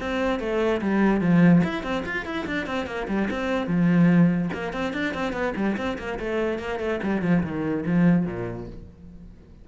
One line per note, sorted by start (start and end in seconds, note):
0.00 0.39 C4
0.39 0.81 A3
0.81 1.21 G3
1.21 1.62 F3
1.64 1.83 E4
1.83 2.04 C4
2.05 2.25 F4
2.25 2.46 E4
2.46 2.66 D4
2.66 2.86 C4
2.86 3.07 A#3
3.08 3.28 G3
3.30 3.67 C4
3.67 4.49 F3
4.53 4.72 A#3
4.72 4.93 C4
4.93 5.14 D4
5.14 5.33 C4
5.33 5.53 B3
5.56 5.76 G3
5.77 5.98 C4
5.98 6.19 A#3
6.19 6.59 A3
6.59 6.79 A#3
6.79 7.00 A3
7.03 7.22 G3
7.22 7.42 F3
7.43 7.84 D#3
7.86 8.26 F3
8.26 8.67 A#2